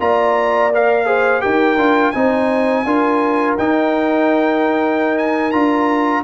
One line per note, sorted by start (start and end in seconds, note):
0.00 1.43 A#3
0.00 0.72 F4
0.00 1.07 D5
0.00 0.72 A#5
0.74 1.06 A#4
0.74 1.42 F5
1.06 1.41 G#4
1.06 1.42 C5
1.41 1.77 D#4
1.41 1.77 G4
1.41 2.14 A#4
1.41 2.11 G5
1.77 2.12 D4
1.77 2.14 F4
2.11 2.85 C4
2.11 2.86 D#4
2.11 2.85 C5
2.11 3.54 G#5
2.85 3.57 D4
2.85 3.58 F4
2.85 6.24 A#4
3.58 5.54 D#4
3.58 5.53 D#4
3.58 5.18 G5
5.18 5.52 G#5
5.52 6.24 D4
5.52 6.24 F4
5.52 6.23 A#5